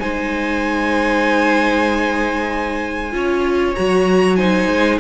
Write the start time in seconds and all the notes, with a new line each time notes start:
0.00 G#3 D#4 C5 G#5
3.12 C#4 F4 C#5
3.75 F#3 F#4 A#5
4.36 D#4 C5 G#5
4.68 G#3